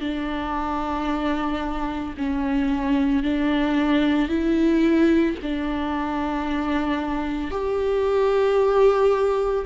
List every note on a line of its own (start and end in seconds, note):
0.00 2.14 D4
2.17 3.22 C#4
3.22 4.28 D4
4.28 5.35 E4
5.42 7.51 D4
7.51 9.65 G4